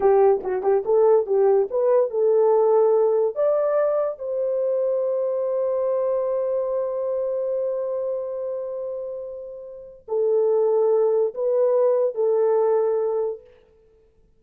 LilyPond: \new Staff \with { instrumentName = "horn" } { \time 4/4 \tempo 4 = 143 g'4 fis'8 g'8 a'4 g'4 | b'4 a'2. | d''2 c''2~ | c''1~ |
c''1~ | c''1 | a'2. b'4~ | b'4 a'2. | }